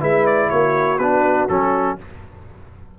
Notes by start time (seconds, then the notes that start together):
0.00 G#3 E4 B4 E5
0.26 D5
0.50 A#3 F#4 C#5
0.98 B3 D4 B4
1.49 F#3 C#4 A4